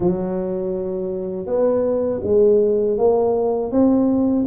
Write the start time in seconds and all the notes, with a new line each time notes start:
0.00 F#3
1.46 B3
2.23 G#3
2.97 A#3
3.71 C4